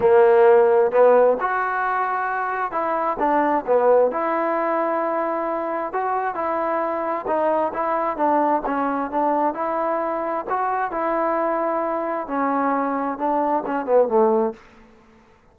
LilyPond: \new Staff \with { instrumentName = "trombone" } { \time 4/4 \tempo 4 = 132 ais2 b4 fis'4~ | fis'2 e'4 d'4 | b4 e'2.~ | e'4 fis'4 e'2 |
dis'4 e'4 d'4 cis'4 | d'4 e'2 fis'4 | e'2. cis'4~ | cis'4 d'4 cis'8 b8 a4 | }